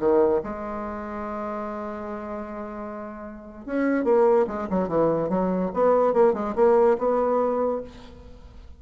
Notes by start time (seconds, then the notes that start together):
0.00 D#3
0.44 G#3
3.66 C#4
4.05 A#3
4.48 G#3
4.70 F#3
4.89 E3
5.29 F#3
5.74 B3
6.14 A#3
6.34 G#3
6.56 A#3
6.99 B3